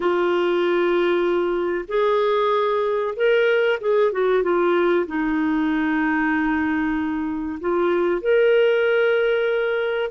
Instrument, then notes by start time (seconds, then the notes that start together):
clarinet
0.00 F4
1.88 G#4
3.16 A#4
3.80 G#4
4.12 F#4
4.42 F4
5.06 D#4
7.60 F4
8.21 A#4